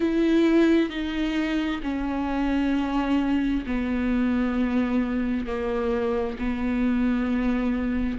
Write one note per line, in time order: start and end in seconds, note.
0.00 0.89 E4
0.89 1.80 D#4
1.83 3.64 C#4
3.66 5.46 B3
5.46 6.37 A#3
6.38 8.18 B3